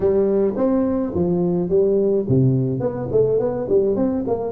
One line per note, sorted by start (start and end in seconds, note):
0.00 0.55 G3
0.56 1.13 C4
1.14 1.69 F3
1.69 2.25 G3
2.28 2.79 C3
2.79 3.08 B3
3.11 3.39 A3
3.39 3.67 B3
3.68 3.96 G3
3.96 4.24 C4
4.27 4.52 A#3